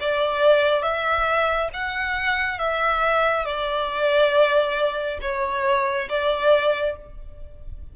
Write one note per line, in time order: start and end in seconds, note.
0.00 0.82 D5
0.82 1.69 E5
1.73 2.58 F#5
2.58 3.45 E5
3.45 5.19 D5
5.21 6.08 C#5
6.09 6.96 D5